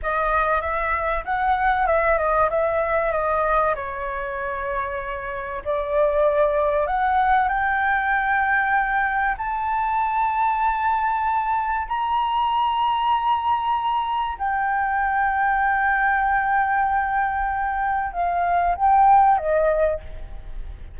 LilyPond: \new Staff \with { instrumentName = "flute" } { \time 4/4 \tempo 4 = 96 dis''4 e''4 fis''4 e''8 dis''8 | e''4 dis''4 cis''2~ | cis''4 d''2 fis''4 | g''2. a''4~ |
a''2. ais''4~ | ais''2. g''4~ | g''1~ | g''4 f''4 g''4 dis''4 | }